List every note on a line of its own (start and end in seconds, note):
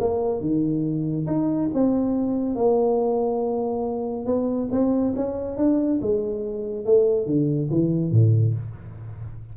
0.00 0.41 A#3
0.41 1.27 D#3
1.27 1.70 D#4
1.74 2.56 C4
2.56 4.26 A#3
4.26 4.69 B3
4.72 5.14 C4
5.16 5.57 C#4
5.57 6.00 D4
6.02 6.86 G#3
6.86 7.26 A3
7.26 7.69 D3
7.70 8.12 E3
8.12 8.55 A2